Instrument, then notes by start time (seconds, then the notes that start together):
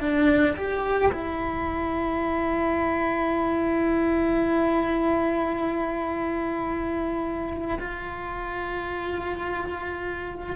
cello
0.00 D4
0.56 G4
1.12 E4
7.79 F4